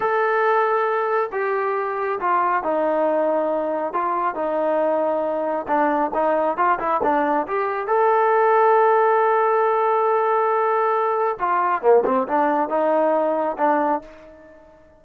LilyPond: \new Staff \with { instrumentName = "trombone" } { \time 4/4 \tempo 4 = 137 a'2. g'4~ | g'4 f'4 dis'2~ | dis'4 f'4 dis'2~ | dis'4 d'4 dis'4 f'8 e'8 |
d'4 g'4 a'2~ | a'1~ | a'2 f'4 ais8 c'8 | d'4 dis'2 d'4 | }